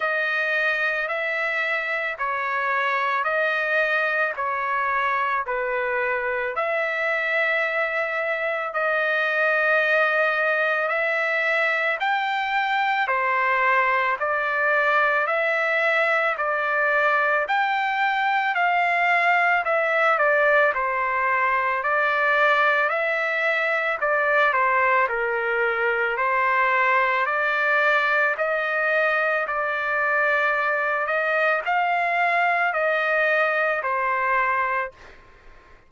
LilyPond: \new Staff \with { instrumentName = "trumpet" } { \time 4/4 \tempo 4 = 55 dis''4 e''4 cis''4 dis''4 | cis''4 b'4 e''2 | dis''2 e''4 g''4 | c''4 d''4 e''4 d''4 |
g''4 f''4 e''8 d''8 c''4 | d''4 e''4 d''8 c''8 ais'4 | c''4 d''4 dis''4 d''4~ | d''8 dis''8 f''4 dis''4 c''4 | }